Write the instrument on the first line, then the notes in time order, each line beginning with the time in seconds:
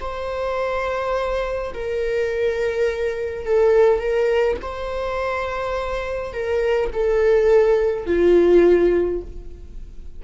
viola
0.00 C5
1.73 A#4
3.45 A4
3.99 A#4
4.62 C5
6.33 A#4
6.93 A4
8.06 F4